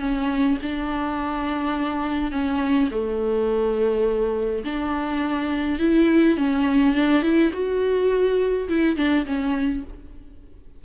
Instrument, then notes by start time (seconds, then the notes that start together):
viola
0.00 C#4
0.63 D4
2.32 C#4
2.91 A3
4.65 D4
5.80 E4
6.37 C#4
6.95 D4
7.23 E4
7.53 F#4
8.69 E4
8.97 D4
9.26 C#4